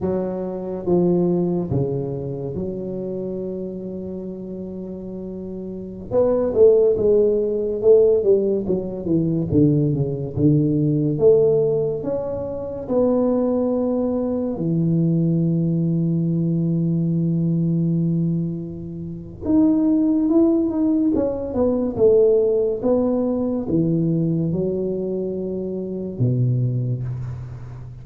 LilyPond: \new Staff \with { instrumentName = "tuba" } { \time 4/4 \tempo 4 = 71 fis4 f4 cis4 fis4~ | fis2.~ fis16 b8 a16~ | a16 gis4 a8 g8 fis8 e8 d8 cis16~ | cis16 d4 a4 cis'4 b8.~ |
b4~ b16 e2~ e8.~ | e2. dis'4 | e'8 dis'8 cis'8 b8 a4 b4 | e4 fis2 b,4 | }